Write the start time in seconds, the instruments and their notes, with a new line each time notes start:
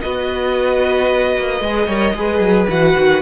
0.00 cello B3, viola F#4, violin B4 D#5
1.37 cello A#3
1.60 cello G#3, viola G#4
1.87 cello G3, viola A#4, violin C#5
2.14 cello G#3, viola G#4, violin B4
2.40 cello F#3
2.69 cello E3, viola F#4, violin F#5
2.97 cello D#3